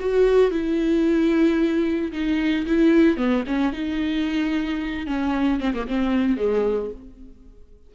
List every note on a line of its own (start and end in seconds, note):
0.00 0.51 F#4
0.51 2.12 E4
2.12 2.66 D#4
2.66 3.17 E4
3.17 3.44 B3
3.47 3.73 C#4
3.73 5.06 D#4
5.06 5.60 C#4
5.60 5.73 C4
5.74 5.87 A#3
5.87 6.37 C4
6.37 6.91 G#3